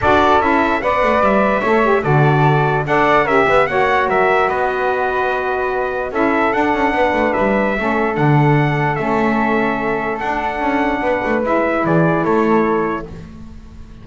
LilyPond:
<<
  \new Staff \with { instrumentName = "trumpet" } { \time 4/4 \tempo 4 = 147 d''4 e''4 fis''4 e''4~ | e''4 d''2 fis''4 | e''4 fis''4 e''4 dis''4~ | dis''2. e''4 |
fis''2 e''2 | fis''2 e''2~ | e''4 fis''2. | e''4 d''4 cis''2 | }
  \new Staff \with { instrumentName = "flute" } { \time 4/4 a'2 d''2 | cis''4 a'2 d''4 | ais'8 b'8 cis''4 ais'4 b'4~ | b'2. a'4~ |
a'4 b'2 a'4~ | a'1~ | a'2. b'4~ | b'4 gis'4 a'2 | }
  \new Staff \with { instrumentName = "saxophone" } { \time 4/4 fis'4 e'4 b'2 | a'8 g'8 fis'2 a'4 | g'4 fis'2.~ | fis'2. e'4 |
d'2. cis'4 | d'2 cis'2~ | cis'4 d'2. | e'1 | }
  \new Staff \with { instrumentName = "double bass" } { \time 4/4 d'4 cis'4 b8 a8 g4 | a4 d2 d'4 | cis'8 b8 ais4 fis4 b4~ | b2. cis'4 |
d'8 cis'8 b8 a8 g4 a4 | d2 a2~ | a4 d'4 cis'4 b8 a8 | gis4 e4 a2 | }
>>